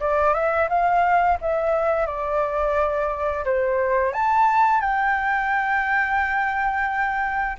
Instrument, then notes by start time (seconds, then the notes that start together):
flute
0.00 D5
0.34 E5
0.69 F5
1.41 E5
2.07 D5
3.45 C5
4.13 A5
4.81 G5